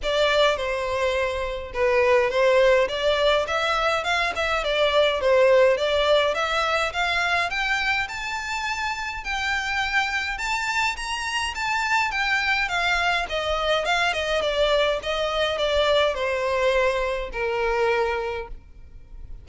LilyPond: \new Staff \with { instrumentName = "violin" } { \time 4/4 \tempo 4 = 104 d''4 c''2 b'4 | c''4 d''4 e''4 f''8 e''8 | d''4 c''4 d''4 e''4 | f''4 g''4 a''2 |
g''2 a''4 ais''4 | a''4 g''4 f''4 dis''4 | f''8 dis''8 d''4 dis''4 d''4 | c''2 ais'2 | }